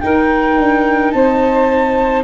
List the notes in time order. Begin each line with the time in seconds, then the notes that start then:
0.00 D#4 A#4 G5
0.57 D4
1.11 C4 C5 A5